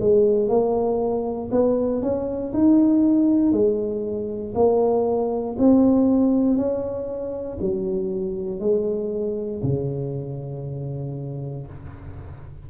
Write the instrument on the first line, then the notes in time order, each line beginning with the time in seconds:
tuba
0.00 G#3
0.49 A#3
1.52 B3
2.02 C#4
2.53 D#4
3.52 G#3
4.55 A#3
5.58 C4
6.56 C#4
7.61 F#3
8.60 G#3
9.63 C#3